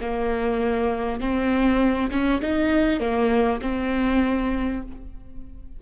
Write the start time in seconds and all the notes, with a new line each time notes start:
0.00 A#3
1.20 C4
2.10 C#4
2.41 D#4
3.00 A#3
3.61 C4